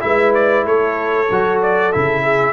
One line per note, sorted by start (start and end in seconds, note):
0.00 0.65 G#3
0.00 1.26 E4
0.00 0.66 B4
0.00 0.33 E5
0.34 0.66 D5
0.65 1.28 A3
0.65 2.22 A4
0.65 1.61 C#5
1.31 1.94 F#3
1.31 1.93 F#4
1.62 1.92 D5
1.92 2.53 C#3
1.92 2.53 E4
1.92 2.53 E5
2.22 2.53 G#4